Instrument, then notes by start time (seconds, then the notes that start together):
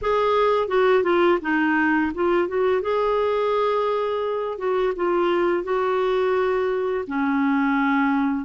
clarinet
0.01 G#4
0.68 F#4
1.03 F4
1.41 D#4
2.14 F4
2.48 F#4
2.81 G#4
4.58 F#4
4.96 F4
5.63 F#4
7.07 C#4